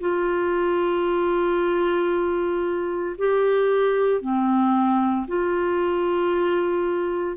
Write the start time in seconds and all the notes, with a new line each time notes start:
0.00 F4
3.18 G4
4.22 C4
5.27 F4